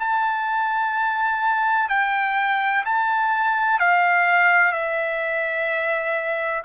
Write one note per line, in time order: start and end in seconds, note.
0.00 1.90 A5
1.90 2.85 G5
2.85 3.80 A5
3.80 4.73 F5
4.73 6.63 E5